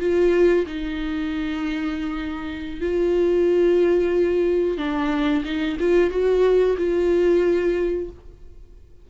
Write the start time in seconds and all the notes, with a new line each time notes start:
0.00 F4
0.67 D#4
2.81 F4
4.78 D4
5.45 D#4
5.80 F4
6.11 F#4
6.78 F4